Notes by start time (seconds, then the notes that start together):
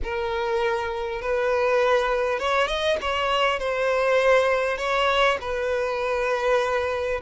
0.03 A#4
1.21 B4
2.39 C#5
2.67 D#5
3.01 C#5
3.59 C5
4.77 C#5
5.41 B4